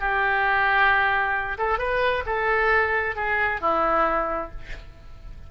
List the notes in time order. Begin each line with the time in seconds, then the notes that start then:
0.00 G4
1.58 A4
1.78 B4
2.26 A4
3.16 G#4
3.61 E4